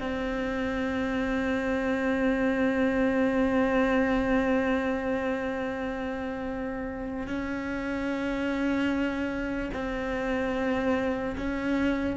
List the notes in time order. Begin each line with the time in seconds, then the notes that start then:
0.00 C4
7.28 C#4
9.74 C4
11.37 C#4